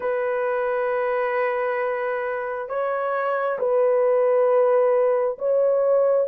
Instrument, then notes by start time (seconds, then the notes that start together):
horn
0.00 B4
2.69 C#5
3.59 B4
5.38 C#5